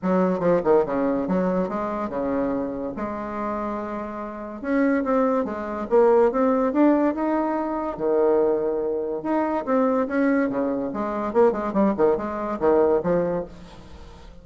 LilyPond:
\new Staff \with { instrumentName = "bassoon" } { \time 4/4 \tempo 4 = 143 fis4 f8 dis8 cis4 fis4 | gis4 cis2 gis4~ | gis2. cis'4 | c'4 gis4 ais4 c'4 |
d'4 dis'2 dis4~ | dis2 dis'4 c'4 | cis'4 cis4 gis4 ais8 gis8 | g8 dis8 gis4 dis4 f4 | }